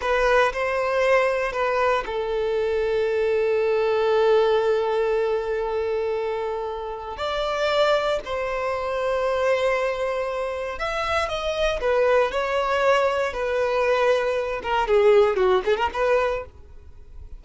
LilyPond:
\new Staff \with { instrumentName = "violin" } { \time 4/4 \tempo 4 = 117 b'4 c''2 b'4 | a'1~ | a'1~ | a'2 d''2 |
c''1~ | c''4 e''4 dis''4 b'4 | cis''2 b'2~ | b'8 ais'8 gis'4 fis'8 gis'16 ais'16 b'4 | }